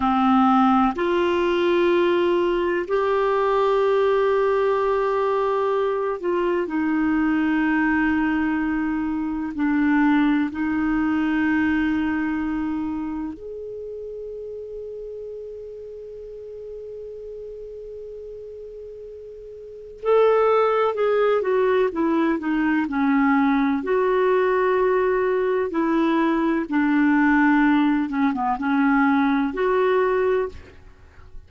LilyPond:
\new Staff \with { instrumentName = "clarinet" } { \time 4/4 \tempo 4 = 63 c'4 f'2 g'4~ | g'2~ g'8 f'8 dis'4~ | dis'2 d'4 dis'4~ | dis'2 gis'2~ |
gis'1~ | gis'4 a'4 gis'8 fis'8 e'8 dis'8 | cis'4 fis'2 e'4 | d'4. cis'16 b16 cis'4 fis'4 | }